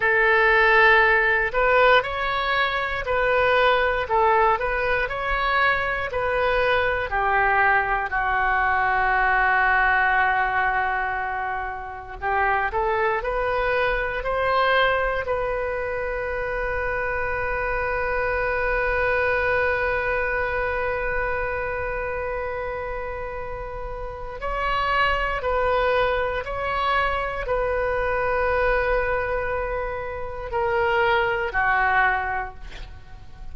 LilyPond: \new Staff \with { instrumentName = "oboe" } { \time 4/4 \tempo 4 = 59 a'4. b'8 cis''4 b'4 | a'8 b'8 cis''4 b'4 g'4 | fis'1 | g'8 a'8 b'4 c''4 b'4~ |
b'1~ | b'1 | cis''4 b'4 cis''4 b'4~ | b'2 ais'4 fis'4 | }